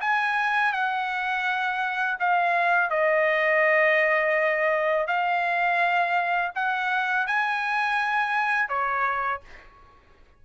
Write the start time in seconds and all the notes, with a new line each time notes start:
0.00 G#5
0.72 F#5
2.19 F5
2.90 D#5
5.07 F5
6.55 F#5
7.27 G#5
8.68 C#5